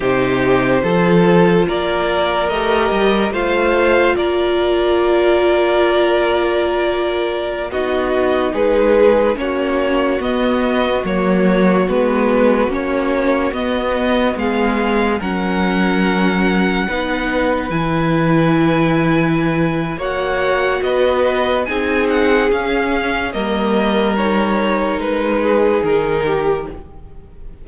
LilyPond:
<<
  \new Staff \with { instrumentName = "violin" } { \time 4/4 \tempo 4 = 72 c''2 d''4 dis''4 | f''4 d''2.~ | d''4~ d''16 dis''4 b'4 cis''8.~ | cis''16 dis''4 cis''4 b'4 cis''8.~ |
cis''16 dis''4 f''4 fis''4.~ fis''16~ | fis''4~ fis''16 gis''2~ gis''8. | fis''4 dis''4 gis''8 fis''8 f''4 | dis''4 cis''4 b'4 ais'4 | }
  \new Staff \with { instrumentName = "violin" } { \time 4/4 g'4 a'4 ais'2 | c''4 ais'2.~ | ais'4~ ais'16 fis'4 gis'4 fis'8.~ | fis'1~ |
fis'4~ fis'16 gis'4 ais'4.~ ais'16~ | ais'16 b'2.~ b'8. | cis''4 b'4 gis'2 | ais'2~ ais'8 gis'4 g'8 | }
  \new Staff \with { instrumentName = "viola" } { \time 4/4 dis'4 f'2 g'4 | f'1~ | f'4~ f'16 dis'2 cis'8.~ | cis'16 b4 ais4 b4 cis'8.~ |
cis'16 b2 cis'4.~ cis'16~ | cis'16 dis'4 e'2~ e'8. | fis'2 dis'4 cis'4 | ais4 dis'2. | }
  \new Staff \with { instrumentName = "cello" } { \time 4/4 c4 f4 ais4 a8 g8 | a4 ais2.~ | ais4~ ais16 b4 gis4 ais8.~ | ais16 b4 fis4 gis4 ais8.~ |
ais16 b4 gis4 fis4.~ fis16~ | fis16 b4 e2~ e8. | ais4 b4 c'4 cis'4 | g2 gis4 dis4 | }
>>